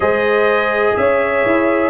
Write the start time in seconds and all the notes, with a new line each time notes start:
0.00 G#3 G#4 C5 D#5
0.96 C#4 C#5 E5
1.45 E4